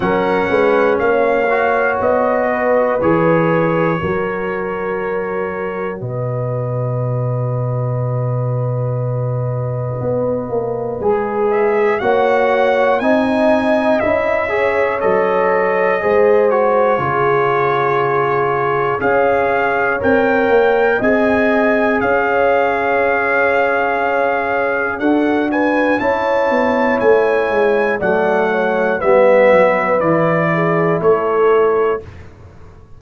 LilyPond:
<<
  \new Staff \with { instrumentName = "trumpet" } { \time 4/4 \tempo 4 = 60 fis''4 f''4 dis''4 cis''4~ | cis''2 dis''2~ | dis''2.~ dis''8 e''8 | fis''4 gis''4 e''4 dis''4~ |
dis''8 cis''2~ cis''8 f''4 | g''4 gis''4 f''2~ | f''4 fis''8 gis''8 a''4 gis''4 | fis''4 e''4 d''4 cis''4 | }
  \new Staff \with { instrumentName = "horn" } { \time 4/4 ais'8 b'8 cis''4. b'4. | ais'2 b'2~ | b'1 | cis''4 dis''4. cis''4. |
c''4 gis'2 cis''4~ | cis''4 dis''4 cis''2~ | cis''4 a'8 b'8 cis''2 | d''8 cis''8 b'4. gis'8 a'4 | }
  \new Staff \with { instrumentName = "trombone" } { \time 4/4 cis'4. fis'4. gis'4 | fis'1~ | fis'2. gis'4 | fis'4 dis'4 e'8 gis'8 a'4 |
gis'8 fis'8 f'2 gis'4 | ais'4 gis'2.~ | gis'4 fis'4 e'2 | a4 b4 e'2 | }
  \new Staff \with { instrumentName = "tuba" } { \time 4/4 fis8 gis8 ais4 b4 e4 | fis2 b,2~ | b,2 b8 ais8 gis4 | ais4 c'4 cis'4 fis4 |
gis4 cis2 cis'4 | c'8 ais8 c'4 cis'2~ | cis'4 d'4 cis'8 b8 a8 gis8 | fis4 g8 fis8 e4 a4 | }
>>